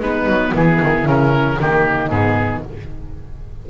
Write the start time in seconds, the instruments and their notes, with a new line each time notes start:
0.00 double bass G#3, viola B3, horn D#4, oboe B4
0.26 double bass F#3
0.51 double bass E3, horn E4, oboe G#4
0.82 double bass D#3
1.05 double bass C#3, viola C#4, oboe A#4
1.60 double bass D#3, viola A#3, horn D#4, oboe G4
2.09 double bass G#2, viola B3, oboe G#4